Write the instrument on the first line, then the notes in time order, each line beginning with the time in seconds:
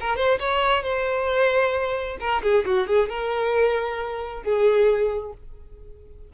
violin
0.00 A#4
0.16 C5
0.39 C#5
0.83 C5
2.19 A#4
2.42 G#4
2.65 F#4
2.87 G#4
3.09 A#4
4.43 G#4